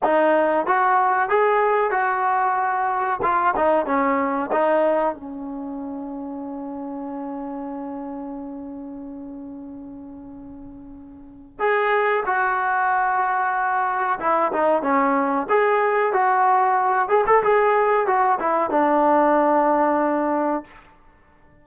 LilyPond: \new Staff \with { instrumentName = "trombone" } { \time 4/4 \tempo 4 = 93 dis'4 fis'4 gis'4 fis'4~ | fis'4 f'8 dis'8 cis'4 dis'4 | cis'1~ | cis'1~ |
cis'2 gis'4 fis'4~ | fis'2 e'8 dis'8 cis'4 | gis'4 fis'4. gis'16 a'16 gis'4 | fis'8 e'8 d'2. | }